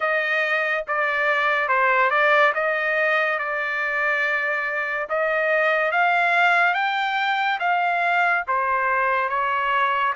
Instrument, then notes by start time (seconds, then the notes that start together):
trumpet
0.00 D#5
0.87 D5
1.68 C5
2.10 D5
2.54 D#5
3.38 D5
5.09 D#5
5.91 F5
6.74 G5
7.59 F5
8.47 C5
9.29 C#5